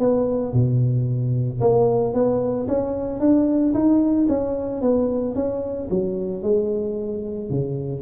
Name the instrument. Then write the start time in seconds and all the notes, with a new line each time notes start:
tuba
0.00 B3
0.54 B2
1.61 A#3
2.14 B3
2.68 C#4
3.20 D4
3.74 D#4
4.29 C#4
4.82 B3
5.35 C#4
5.91 F#3
6.43 G#3
7.50 C#3